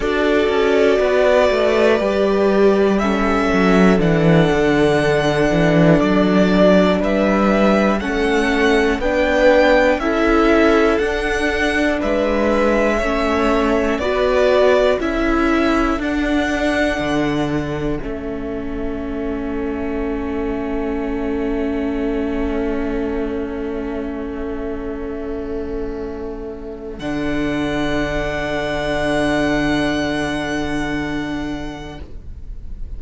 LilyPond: <<
  \new Staff \with { instrumentName = "violin" } { \time 4/4 \tempo 4 = 60 d''2. e''4 | fis''2 d''4 e''4 | fis''4 g''4 e''4 fis''4 | e''2 d''4 e''4 |
fis''2 e''2~ | e''1~ | e''2. fis''4~ | fis''1 | }
  \new Staff \with { instrumentName = "violin" } { \time 4/4 a'4 b'2 a'4~ | a'2. b'4 | a'4 b'4 a'2 | b'4 cis''4 b'4 a'4~ |
a'1~ | a'1~ | a'1~ | a'1 | }
  \new Staff \with { instrumentName = "viola" } { \time 4/4 fis'2 g'4 cis'4 | d'1 | cis'4 d'4 e'4 d'4~ | d'4 cis'4 fis'4 e'4 |
d'2 cis'2~ | cis'1~ | cis'2. d'4~ | d'1 | }
  \new Staff \with { instrumentName = "cello" } { \time 4/4 d'8 cis'8 b8 a8 g4. fis8 | e8 d4 e8 fis4 g4 | a4 b4 cis'4 d'4 | gis4 a4 b4 cis'4 |
d'4 d4 a2~ | a1~ | a2. d4~ | d1 | }
>>